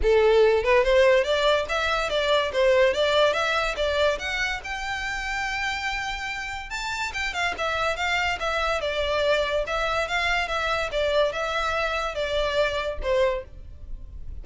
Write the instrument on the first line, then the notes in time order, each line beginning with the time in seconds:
violin
0.02 A4
0.63 B4
0.83 C5
1.23 D5
1.68 E5
2.09 D5
2.52 C5
2.93 D5
3.33 E5
3.76 D5
4.18 F#5
4.64 G5
6.70 A5
7.13 G5
7.33 F5
7.58 E5
7.96 F5
8.39 E5
8.81 D5
9.67 E5
10.08 F5
10.48 E5
10.91 D5
11.32 E5
12.14 D5
13.02 C5